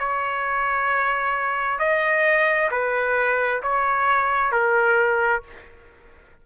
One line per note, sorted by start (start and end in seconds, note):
0.00 1.79 C#5
1.79 2.70 D#5
2.71 3.62 B4
3.63 4.52 C#5
4.52 5.43 A#4